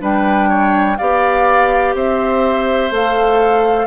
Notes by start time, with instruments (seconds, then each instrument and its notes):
0.00 bassoon G3, clarinet D4, oboe B4, flute G5
0.49 oboe C#5
0.98 bassoon B3, clarinet G4, oboe D5, flute F5
1.95 bassoon C4, oboe C5, flute E5
2.91 bassoon A3, clarinet A4, flute F5